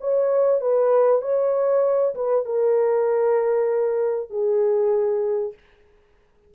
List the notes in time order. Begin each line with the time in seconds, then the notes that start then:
0.00 C#5
0.60 B4
1.21 C#5
2.15 B4
2.45 A#4
4.30 G#4